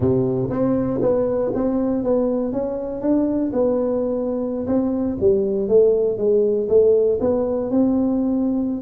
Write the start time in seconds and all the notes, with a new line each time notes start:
0.00 C3
0.50 C4
1.01 B3
1.54 C4
2.03 B3
2.52 C#4
3.01 D4
3.52 B3
4.66 C4
5.20 G3
5.68 A3
6.17 G#3
6.68 A3
7.20 B3
7.70 C4